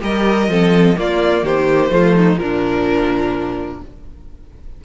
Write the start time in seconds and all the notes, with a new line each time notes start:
0.00 G3 G4 A#4 D#5
0.48 F3 C4 A4
0.95 A#3 F4 D5
1.43 D#3 G4 C5
1.90 F3 A3 F4
2.15 D#4
2.36 A#2 F3 D4 A#4